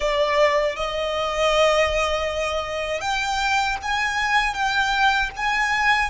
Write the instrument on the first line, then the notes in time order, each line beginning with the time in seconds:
violin
0.00 D5
0.76 D#5
3.00 G5
3.82 G#5
4.54 G5
5.36 G#5